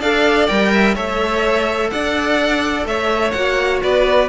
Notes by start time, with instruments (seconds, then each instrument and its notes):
0.00 cello D4, viola A4, violin D5 F5
0.47 cello G3, viola A#4, violin G5
0.73 violin E5
0.95 cello A3, viola A4, violin C#5 E5
1.90 cello D4, violin D5 F#5
2.85 cello A3, violin C#5 E5
3.31 cello A#3, viola F#4, violin F#5
3.82 cello B3, violin B4 D5